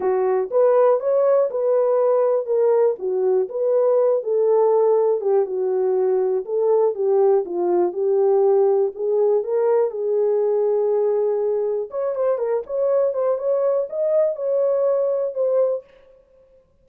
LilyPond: \new Staff \with { instrumentName = "horn" } { \time 4/4 \tempo 4 = 121 fis'4 b'4 cis''4 b'4~ | b'4 ais'4 fis'4 b'4~ | b'8 a'2 g'8 fis'4~ | fis'4 a'4 g'4 f'4 |
g'2 gis'4 ais'4 | gis'1 | cis''8 c''8 ais'8 cis''4 c''8 cis''4 | dis''4 cis''2 c''4 | }